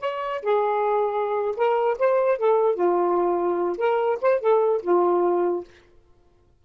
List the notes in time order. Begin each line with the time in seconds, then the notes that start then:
0.00 C#5
0.42 G#4
1.56 A#4
1.98 C5
2.38 A4
2.75 F4
3.77 A#4
4.21 C5
4.40 A4
4.82 F4